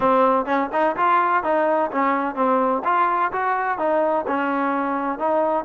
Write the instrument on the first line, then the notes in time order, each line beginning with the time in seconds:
trombone
0.00 C4
0.45 C#4
0.72 D#4
0.96 F4
1.43 D#4
1.91 C#4
2.35 C4
2.84 F4
3.32 F#4
3.78 D#4
4.27 C#4
5.18 D#4